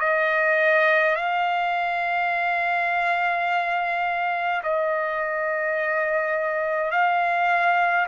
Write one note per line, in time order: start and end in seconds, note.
0.00 1.15 D#5
1.15 4.62 F5
4.63 6.91 D#5
6.91 8.06 F5